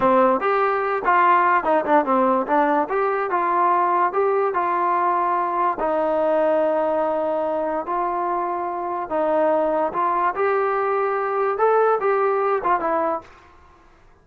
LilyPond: \new Staff \with { instrumentName = "trombone" } { \time 4/4 \tempo 4 = 145 c'4 g'4. f'4. | dis'8 d'8 c'4 d'4 g'4 | f'2 g'4 f'4~ | f'2 dis'2~ |
dis'2. f'4~ | f'2 dis'2 | f'4 g'2. | a'4 g'4. f'8 e'4 | }